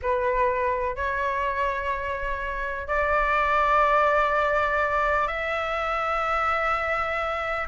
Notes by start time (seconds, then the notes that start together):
0.02 B4
0.96 C#5
2.87 D5
5.27 E5